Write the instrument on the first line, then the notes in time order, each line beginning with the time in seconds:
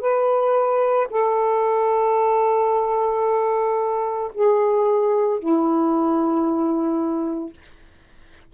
saxophone
0.00 B4
1.10 A4
4.34 G#4
5.39 E4